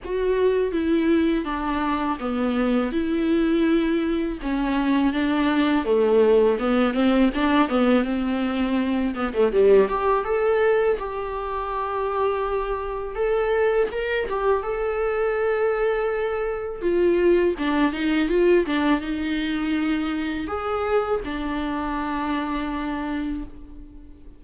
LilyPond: \new Staff \with { instrumentName = "viola" } { \time 4/4 \tempo 4 = 82 fis'4 e'4 d'4 b4 | e'2 cis'4 d'4 | a4 b8 c'8 d'8 b8 c'4~ | c'8 b16 a16 g8 g'8 a'4 g'4~ |
g'2 a'4 ais'8 g'8 | a'2. f'4 | d'8 dis'8 f'8 d'8 dis'2 | gis'4 d'2. | }